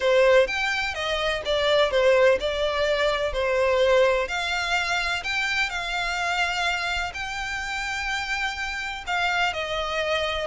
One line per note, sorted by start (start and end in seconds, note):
0.00 0.47 C5
0.47 0.94 G5
0.94 1.42 D#5
1.45 1.90 D5
1.90 2.38 C5
2.40 3.32 D5
3.32 4.27 C5
4.27 5.23 F5
5.23 5.69 G5
5.69 7.12 F5
7.14 9.04 G5
9.06 9.53 F5
9.53 10.47 D#5